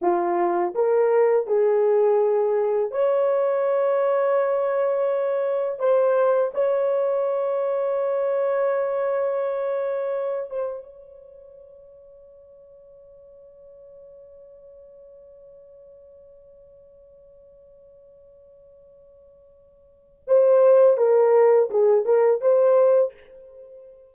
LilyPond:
\new Staff \with { instrumentName = "horn" } { \time 4/4 \tempo 4 = 83 f'4 ais'4 gis'2 | cis''1 | c''4 cis''2.~ | cis''2~ cis''8 c''8 cis''4~ |
cis''1~ | cis''1~ | cis''1 | c''4 ais'4 gis'8 ais'8 c''4 | }